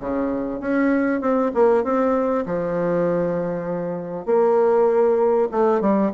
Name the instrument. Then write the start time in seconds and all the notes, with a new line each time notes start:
bassoon
0.00 C#3
0.60 C#4
1.21 C4
1.54 A#3
1.84 C4
2.46 F3
4.26 A#3
5.51 A3
5.81 G3